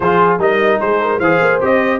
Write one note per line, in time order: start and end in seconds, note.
0.00 0.38 F3
0.00 0.39 F4
0.00 0.39 G#4
0.00 0.38 C5
0.38 0.79 G3
0.38 1.20 D#4
0.38 0.80 A#4
0.38 0.80 D#5
0.80 1.19 G#3
0.80 1.00 G#4
0.80 1.19 C5
1.00 1.19 A#4
1.19 1.39 E3
1.19 1.60 G#4
1.19 1.99 C5
1.19 1.60 F5
1.41 1.61 A#3
1.60 2.00 C4
1.60 2.00 G4
1.60 2.00 D#5